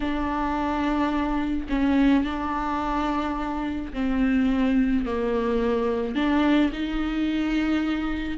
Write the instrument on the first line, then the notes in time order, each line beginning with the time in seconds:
viola
0.00 D4
1.69 C#4
2.24 D4
3.93 C4
5.05 A#3
6.15 D4
6.72 D#4